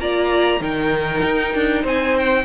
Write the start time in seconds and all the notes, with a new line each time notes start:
0.00 A#3 F4 D5 A#5
0.60 D#3 D#4 A#4 G5
1.24 D#4
1.55 D4
1.83 C4 C5 G#5
2.18 G5